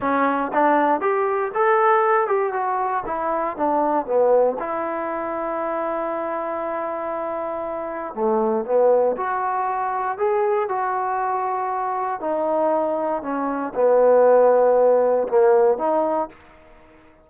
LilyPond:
\new Staff \with { instrumentName = "trombone" } { \time 4/4 \tempo 4 = 118 cis'4 d'4 g'4 a'4~ | a'8 g'8 fis'4 e'4 d'4 | b4 e'2.~ | e'1 |
a4 b4 fis'2 | gis'4 fis'2. | dis'2 cis'4 b4~ | b2 ais4 dis'4 | }